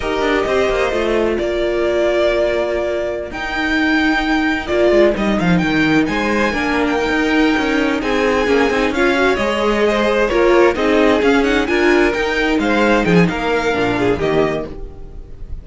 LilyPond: <<
  \new Staff \with { instrumentName = "violin" } { \time 4/4 \tempo 4 = 131 dis''2. d''4~ | d''2.~ d''16 g''8.~ | g''2~ g''16 d''4 dis''8 f''16~ | f''16 g''4 gis''4.~ gis''16 g''4~ |
g''4. gis''2 f''8~ | f''8 dis''2 cis''4 dis''8~ | dis''8 f''8 fis''8 gis''4 g''4 f''8~ | f''8 g''16 gis''16 f''2 dis''4 | }
  \new Staff \with { instrumentName = "violin" } { \time 4/4 ais'4 c''2 ais'4~ | ais'1~ | ais'1~ | ais'4~ ais'16 c''4 ais'4.~ ais'16~ |
ais'4. gis'2 cis''8~ | cis''4. c''4 ais'4 gis'8~ | gis'4. ais'2 c''8~ | c''8 gis'8 ais'4. gis'8 g'4 | }
  \new Staff \with { instrumentName = "viola" } { \time 4/4 g'2 f'2~ | f'2.~ f'16 dis'8.~ | dis'2~ dis'16 f'4 dis'8.~ | dis'2~ dis'16 d'4 dis'8.~ |
dis'2~ dis'8 cis'8 dis'8 f'8 | fis'8 gis'2 f'4 dis'8~ | dis'8 cis'8 dis'8 f'4 dis'4.~ | dis'2 d'4 ais4 | }
  \new Staff \with { instrumentName = "cello" } { \time 4/4 dis'8 d'8 c'8 ais8 a4 ais4~ | ais2.~ ais16 dis'8.~ | dis'2~ dis'16 ais8 gis8 g8 f16~ | f16 dis4 gis4 ais4~ ais16 dis'8~ |
dis'8 cis'4 c'4 ais8 c'8 cis'8~ | cis'8 gis2 ais4 c'8~ | c'8 cis'4 d'4 dis'4 gis8~ | gis8 f8 ais4 ais,4 dis4 | }
>>